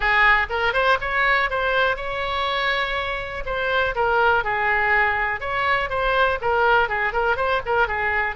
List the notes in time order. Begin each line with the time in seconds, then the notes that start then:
0.00 G#4
0.49 A#4
0.73 C5
1.00 C#5
1.50 C5
1.96 C#5
3.45 C5
3.95 A#4
4.44 G#4
5.40 C#5
5.89 C5
6.41 A#4
6.89 G#4
7.12 A#4
7.36 C5
7.65 A#4
7.87 G#4